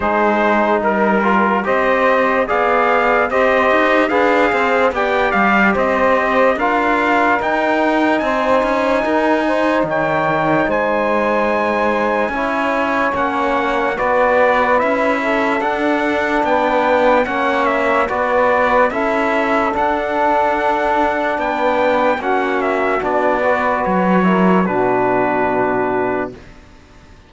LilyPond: <<
  \new Staff \with { instrumentName = "trumpet" } { \time 4/4 \tempo 4 = 73 c''4 ais'4 dis''4 f''4 | dis''4 f''4 g''8 f''8 dis''4 | f''4 g''4 gis''2 | g''4 gis''2. |
fis''4 d''4 e''4 fis''4 | g''4 fis''8 e''8 d''4 e''4 | fis''2 g''4 fis''8 e''8 | d''4 cis''4 b'2 | }
  \new Staff \with { instrumentName = "saxophone" } { \time 4/4 gis'4 ais'4 c''4 d''4 | c''4 b'8 c''8 d''4 c''4 | ais'2 c''4 ais'8 c''8 | cis''4 c''2 cis''4~ |
cis''4 b'4. a'4. | b'4 cis''4 b'4 a'4~ | a'2 b'4 fis'4~ | fis'8 b'4 ais'8 fis'2 | }
  \new Staff \with { instrumentName = "trombone" } { \time 4/4 dis'4. f'8 g'4 gis'4 | g'4 gis'4 g'2 | f'4 dis'2.~ | dis'2. e'4 |
cis'4 fis'4 e'4 d'4~ | d'4 cis'4 fis'4 e'4 | d'2. cis'4 | d'8 fis'4 e'8 d'2 | }
  \new Staff \with { instrumentName = "cello" } { \time 4/4 gis4 g4 c'4 b4 | c'8 dis'8 d'8 c'8 b8 g8 c'4 | d'4 dis'4 c'8 cis'8 dis'4 | dis4 gis2 cis'4 |
ais4 b4 cis'4 d'4 | b4 ais4 b4 cis'4 | d'2 b4 ais4 | b4 fis4 b,2 | }
>>